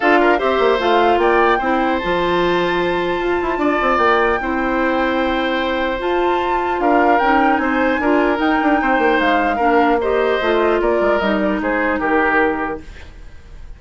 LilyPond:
<<
  \new Staff \with { instrumentName = "flute" } { \time 4/4 \tempo 4 = 150 f''4 e''4 f''4 g''4~ | g''4 a''2.~ | a''2 g''2~ | g''2. a''4~ |
a''4 f''4 g''4 gis''4~ | gis''4 g''2 f''4~ | f''4 dis''2 d''4 | dis''8 d''8 c''4 ais'2 | }
  \new Staff \with { instrumentName = "oboe" } { \time 4/4 a'8 ais'8 c''2 d''4 | c''1~ | c''4 d''2 c''4~ | c''1~ |
c''4 ais'2 c''4 | ais'2 c''2 | ais'4 c''2 ais'4~ | ais'4 gis'4 g'2 | }
  \new Staff \with { instrumentName = "clarinet" } { \time 4/4 f'4 g'4 f'2 | e'4 f'2.~ | f'2. e'4~ | e'2. f'4~ |
f'2 dis'2 | f'4 dis'2. | d'4 g'4 f'2 | dis'1 | }
  \new Staff \with { instrumentName = "bassoon" } { \time 4/4 d'4 c'8 ais8 a4 ais4 | c'4 f2. | f'8 e'8 d'8 c'8 ais4 c'4~ | c'2. f'4~ |
f'4 d'4 cis'4 c'4 | d'4 dis'8 d'8 c'8 ais8 gis4 | ais2 a4 ais8 gis8 | g4 gis4 dis2 | }
>>